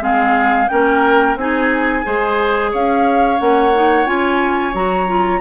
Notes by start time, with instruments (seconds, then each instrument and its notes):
0.00 bassoon G#3, clarinet C4, oboe G#4, flute F5
0.68 bassoon A#3, clarinet C#4, oboe A#4, flute G5
1.36 bassoon C4, clarinet D#4, oboe G#4, flute G#5
2.04 bassoon G#3, clarinet G#4, oboe C5
2.71 bassoon C#4, oboe C#5, flute F5
3.38 bassoon A#3, clarinet C#4, flute F#5
3.75 clarinet D#4
4.06 bassoon C#4, clarinet F4, flute G#5
4.74 bassoon F#3, clarinet F#4, flute A#5
5.07 clarinet F4